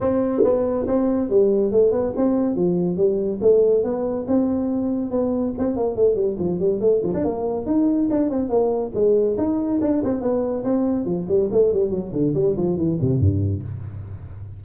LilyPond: \new Staff \with { instrumentName = "tuba" } { \time 4/4 \tempo 4 = 141 c'4 b4 c'4 g4 | a8 b8 c'4 f4 g4 | a4 b4 c'2 | b4 c'8 ais8 a8 g8 f8 g8 |
a8 f16 d'16 ais4 dis'4 d'8 c'8 | ais4 gis4 dis'4 d'8 c'8 | b4 c'4 f8 g8 a8 g8 | fis8 d8 g8 f8 e8 c8 g,4 | }